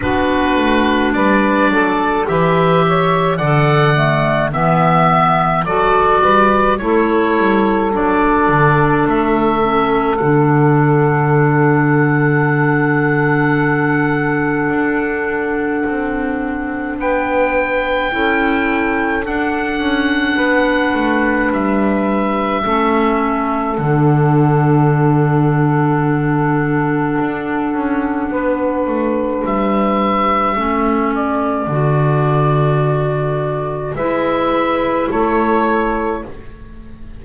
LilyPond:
<<
  \new Staff \with { instrumentName = "oboe" } { \time 4/4 \tempo 4 = 53 b'4 d''4 e''4 fis''4 | e''4 d''4 cis''4 d''4 | e''4 fis''2.~ | fis''2. g''4~ |
g''4 fis''2 e''4~ | e''4 fis''2.~ | fis''2 e''4. d''8~ | d''2 e''4 cis''4 | }
  \new Staff \with { instrumentName = "saxophone" } { \time 4/4 fis'4 b'8 a'8 b'8 cis''8 d''4 | e''4 a'8 b'8 a'2~ | a'1~ | a'2. b'4 |
a'2 b'2 | a'1~ | a'4 b'2 a'4~ | a'2 b'4 a'4 | }
  \new Staff \with { instrumentName = "clarinet" } { \time 4/4 d'2 g'4 a'8 a8 | b4 fis'4 e'4 d'4~ | d'8 cis'8 d'2.~ | d'1 |
e'4 d'2. | cis'4 d'2.~ | d'2. cis'4 | fis'2 e'2 | }
  \new Staff \with { instrumentName = "double bass" } { \time 4/4 b8 a8 g8 fis8 e4 d4 | e4 fis8 g8 a8 g8 fis8 d8 | a4 d2.~ | d4 d'4 c'4 b4 |
cis'4 d'8 cis'8 b8 a8 g4 | a4 d2. | d'8 cis'8 b8 a8 g4 a4 | d2 gis4 a4 | }
>>